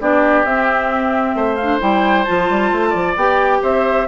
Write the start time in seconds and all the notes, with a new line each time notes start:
0.00 B3 D4 G4 D5
0.45 C4 E5
1.35 A3 C5
1.56 F5
1.62 D4
1.80 G3 E4 G5
2.24 F3 F4 A5
2.50 G3
2.72 A3
2.89 F3 D5
3.16 B3 G4 G5
3.62 C4 C5 E5